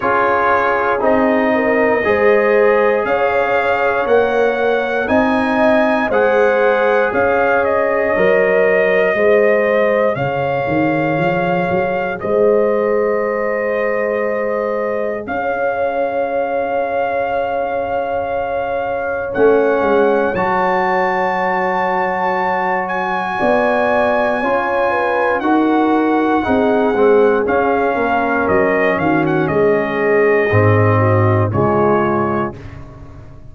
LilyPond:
<<
  \new Staff \with { instrumentName = "trumpet" } { \time 4/4 \tempo 4 = 59 cis''4 dis''2 f''4 | fis''4 gis''4 fis''4 f''8 dis''8~ | dis''2 f''2 | dis''2. f''4~ |
f''2. fis''4 | a''2~ a''8 gis''4.~ | gis''4 fis''2 f''4 | dis''8 f''16 fis''16 dis''2 cis''4 | }
  \new Staff \with { instrumentName = "horn" } { \time 4/4 gis'4. ais'8 c''4 cis''4~ | cis''4 dis''4 c''4 cis''4~ | cis''4 c''4 cis''2 | c''2. cis''4~ |
cis''1~ | cis''2. d''4 | cis''8 b'8 ais'4 gis'4. ais'8~ | ais'8 fis'8 gis'4. fis'8 f'4 | }
  \new Staff \with { instrumentName = "trombone" } { \time 4/4 f'4 dis'4 gis'2 | ais'4 dis'4 gis'2 | ais'4 gis'2.~ | gis'1~ |
gis'2. cis'4 | fis'1 | f'4 fis'4 dis'8 c'8 cis'4~ | cis'2 c'4 gis4 | }
  \new Staff \with { instrumentName = "tuba" } { \time 4/4 cis'4 c'4 gis4 cis'4 | ais4 c'4 gis4 cis'4 | fis4 gis4 cis8 dis8 f8 fis8 | gis2. cis'4~ |
cis'2. a8 gis8 | fis2. b4 | cis'4 dis'4 c'8 gis8 cis'8 ais8 | fis8 dis8 gis4 gis,4 cis4 | }
>>